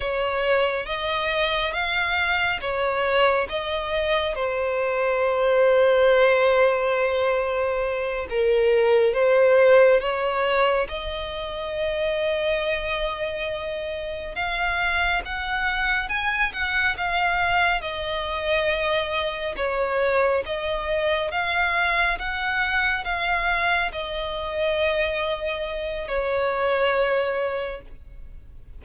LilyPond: \new Staff \with { instrumentName = "violin" } { \time 4/4 \tempo 4 = 69 cis''4 dis''4 f''4 cis''4 | dis''4 c''2.~ | c''4. ais'4 c''4 cis''8~ | cis''8 dis''2.~ dis''8~ |
dis''8 f''4 fis''4 gis''8 fis''8 f''8~ | f''8 dis''2 cis''4 dis''8~ | dis''8 f''4 fis''4 f''4 dis''8~ | dis''2 cis''2 | }